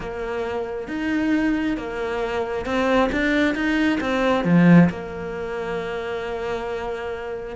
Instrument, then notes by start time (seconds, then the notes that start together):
cello
0.00 A#3
0.88 D#4
1.77 A#3
2.65 C4
3.12 D4
3.54 D#4
4.00 C4
4.44 F3
4.89 A#3